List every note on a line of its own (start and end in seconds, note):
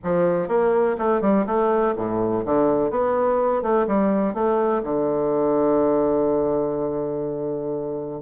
0.03 0.48 F3
0.48 0.96 A#3
0.98 1.21 A3
1.21 1.45 G3
1.46 1.94 A3
1.96 2.44 A2
2.45 2.90 D3
2.90 3.62 B3
3.62 3.86 A3
3.87 4.34 G3
4.34 4.82 A3
4.83 8.21 D3